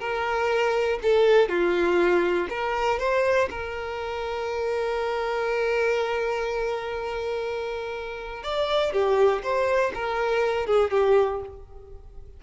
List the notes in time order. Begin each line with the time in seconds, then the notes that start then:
0.00 A#4
1.02 A4
1.49 F4
2.50 A#4
2.99 C5
3.50 A#4
8.43 D5
8.93 G4
9.43 C5
9.94 A#4
10.67 G#4
10.91 G4